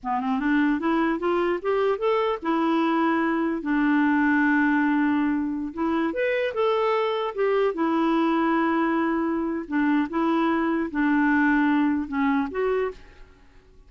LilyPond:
\new Staff \with { instrumentName = "clarinet" } { \time 4/4 \tempo 4 = 149 b8 c'8 d'4 e'4 f'4 | g'4 a'4 e'2~ | e'4 d'2.~ | d'2~ d'16 e'4 b'8.~ |
b'16 a'2 g'4 e'8.~ | e'1 | d'4 e'2 d'4~ | d'2 cis'4 fis'4 | }